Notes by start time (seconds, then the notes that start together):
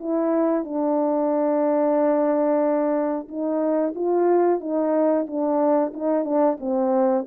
0.00 E4
0.64 D4
3.28 D#4
3.96 F4
4.61 D#4
5.27 D4
5.94 D#4
6.25 D4
6.60 C4